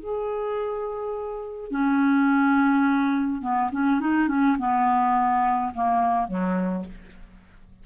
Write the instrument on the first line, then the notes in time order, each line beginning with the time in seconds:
clarinet
0.00 G#4
1.71 C#4
3.42 B3
3.72 C#4
4.01 D#4
4.29 C#4
4.59 B3
5.75 A#3
6.28 F#3